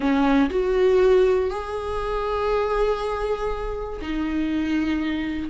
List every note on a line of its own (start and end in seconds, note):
0.00 0.49 C#4
0.50 1.50 F#4
1.50 4.00 G#4
4.01 5.50 D#4